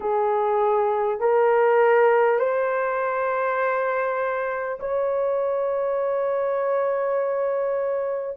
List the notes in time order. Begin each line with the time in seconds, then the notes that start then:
0.00 G#4
1.19 A#4
2.39 C5
4.79 C#5